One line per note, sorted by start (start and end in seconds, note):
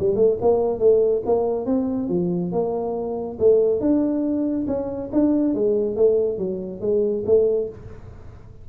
0.00 0.16 G3
0.16 0.38 A3
0.42 0.80 A#3
0.80 1.23 A3
1.26 1.66 A#3
1.66 2.09 C4
2.09 2.52 F3
2.52 3.38 A#3
3.40 3.81 A3
3.81 4.67 D4
4.68 5.11 C#4
5.13 5.55 D4
5.55 5.96 G#3
5.96 6.38 A3
6.38 6.81 F#3
6.81 7.24 G#3
7.26 7.69 A3